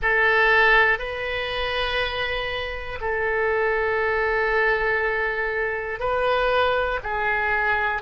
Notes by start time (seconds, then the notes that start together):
0.02 A4
0.98 B4
3.00 A4
5.99 B4
7.03 G#4